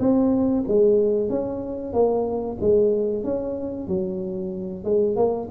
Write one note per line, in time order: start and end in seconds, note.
0.00 0.65 C4
0.68 1.30 G#3
1.30 1.93 C#4
1.93 2.58 A#3
2.61 3.24 G#3
3.24 3.88 C#4
3.88 4.85 F#3
4.85 5.17 G#3
5.17 5.49 A#3